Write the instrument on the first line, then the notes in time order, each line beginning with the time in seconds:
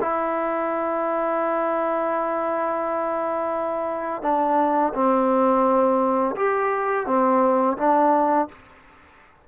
trombone
0.00 E4
4.22 D4
4.94 C4
6.36 G4
7.06 C4
7.77 D4